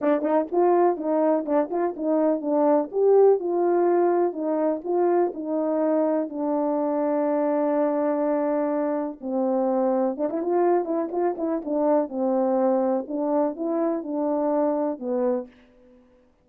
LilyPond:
\new Staff \with { instrumentName = "horn" } { \time 4/4 \tempo 4 = 124 d'8 dis'8 f'4 dis'4 d'8 f'8 | dis'4 d'4 g'4 f'4~ | f'4 dis'4 f'4 dis'4~ | dis'4 d'2.~ |
d'2. c'4~ | c'4 d'16 e'16 f'4 e'8 f'8 e'8 | d'4 c'2 d'4 | e'4 d'2 b4 | }